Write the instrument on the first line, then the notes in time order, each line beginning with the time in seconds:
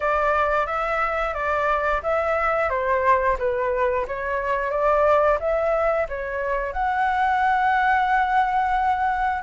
flute
0.00 D5
0.66 E5
1.33 D5
2.02 E5
2.69 C5
3.38 B4
4.07 C#5
4.70 D5
5.39 E5
6.09 C#5
6.72 F#5